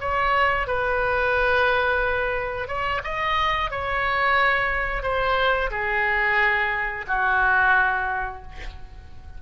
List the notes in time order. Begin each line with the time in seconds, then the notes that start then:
0.00 C#5
0.67 B4
2.68 C#5
3.04 D#5
3.70 C#5
5.03 C5
5.71 G#4
7.08 F#4